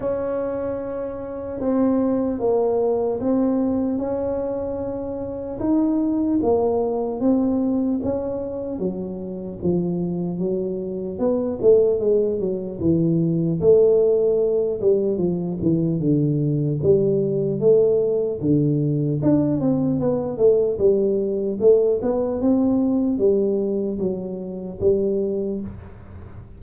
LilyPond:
\new Staff \with { instrumentName = "tuba" } { \time 4/4 \tempo 4 = 75 cis'2 c'4 ais4 | c'4 cis'2 dis'4 | ais4 c'4 cis'4 fis4 | f4 fis4 b8 a8 gis8 fis8 |
e4 a4. g8 f8 e8 | d4 g4 a4 d4 | d'8 c'8 b8 a8 g4 a8 b8 | c'4 g4 fis4 g4 | }